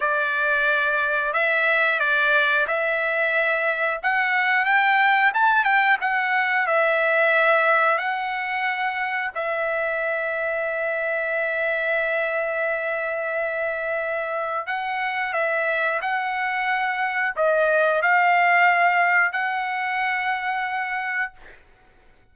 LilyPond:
\new Staff \with { instrumentName = "trumpet" } { \time 4/4 \tempo 4 = 90 d''2 e''4 d''4 | e''2 fis''4 g''4 | a''8 g''8 fis''4 e''2 | fis''2 e''2~ |
e''1~ | e''2 fis''4 e''4 | fis''2 dis''4 f''4~ | f''4 fis''2. | }